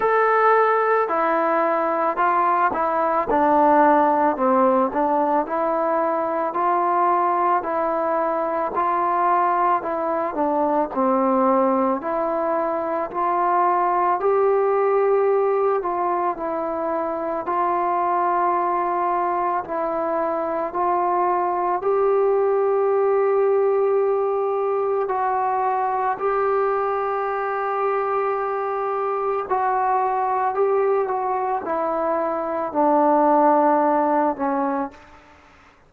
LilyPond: \new Staff \with { instrumentName = "trombone" } { \time 4/4 \tempo 4 = 55 a'4 e'4 f'8 e'8 d'4 | c'8 d'8 e'4 f'4 e'4 | f'4 e'8 d'8 c'4 e'4 | f'4 g'4. f'8 e'4 |
f'2 e'4 f'4 | g'2. fis'4 | g'2. fis'4 | g'8 fis'8 e'4 d'4. cis'8 | }